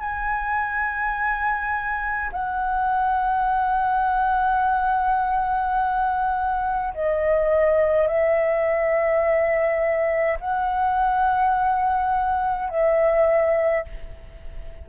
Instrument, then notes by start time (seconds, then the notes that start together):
flute
0.00 G#5
2.32 F#5
6.94 D#5
8.07 E5
10.40 F#5
12.69 E5